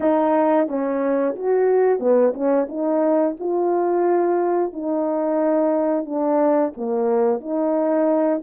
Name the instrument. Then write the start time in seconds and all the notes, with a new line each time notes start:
horn
0.00 D#4
0.67 C#4
1.35 F#4
1.99 B3
2.34 C#4
2.68 D#4
3.39 F4
4.72 D#4
6.05 D4
6.76 A#3
7.40 D#4